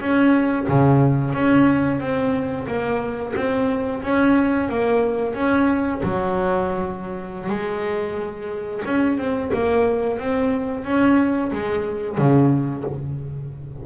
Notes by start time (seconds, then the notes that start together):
0.00 C#4
0.68 C#3
1.34 C#4
2.00 C4
2.67 A#3
3.36 C4
4.03 C#4
4.69 A#3
5.35 C#4
6.03 F#3
7.49 G#3
8.86 C#4
9.18 C4
9.53 A#3
10.19 C4
10.85 C#4
11.52 G#3
12.18 C#3